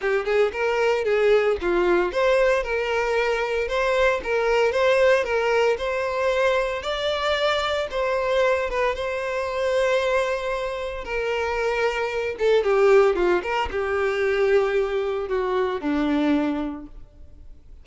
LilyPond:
\new Staff \with { instrumentName = "violin" } { \time 4/4 \tempo 4 = 114 g'8 gis'8 ais'4 gis'4 f'4 | c''4 ais'2 c''4 | ais'4 c''4 ais'4 c''4~ | c''4 d''2 c''4~ |
c''8 b'8 c''2.~ | c''4 ais'2~ ais'8 a'8 | g'4 f'8 ais'8 g'2~ | g'4 fis'4 d'2 | }